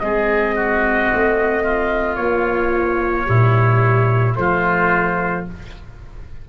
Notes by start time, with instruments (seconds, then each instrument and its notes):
0.00 tuba G#3, viola C4, oboe G#4, trumpet D#5
0.55 oboe F#4
1.13 tuba A3
1.63 oboe F4
2.16 viola F3, tuba A#3, trumpet C#5
3.26 tuba A#2, viola G3, oboe E4
4.35 tuba F3, viola A3, oboe F4, trumpet C5